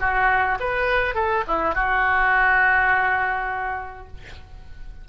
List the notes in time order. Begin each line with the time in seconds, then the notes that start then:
0.00 F#4
0.60 B4
1.15 A4
1.47 E4
1.75 F#4